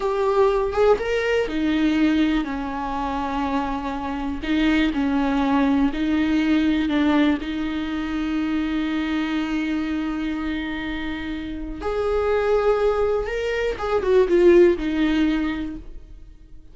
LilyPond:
\new Staff \with { instrumentName = "viola" } { \time 4/4 \tempo 4 = 122 g'4. gis'8 ais'4 dis'4~ | dis'4 cis'2.~ | cis'4 dis'4 cis'2 | dis'2 d'4 dis'4~ |
dis'1~ | dis'1 | gis'2. ais'4 | gis'8 fis'8 f'4 dis'2 | }